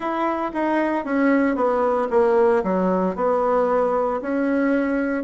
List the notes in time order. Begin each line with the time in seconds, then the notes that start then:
0.00 E4
0.53 D#4
1.04 C#4
1.55 B3
2.10 A#3
2.63 F#3
3.15 B3
4.21 C#4